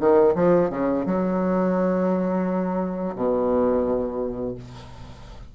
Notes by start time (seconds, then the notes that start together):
0.00 D#3
0.35 F3
0.70 C#3
1.06 F#3
3.16 B2